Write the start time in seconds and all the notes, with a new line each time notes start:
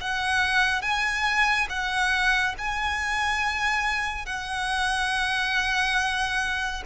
0.00 F#5
0.81 G#5
1.69 F#5
2.58 G#5
4.25 F#5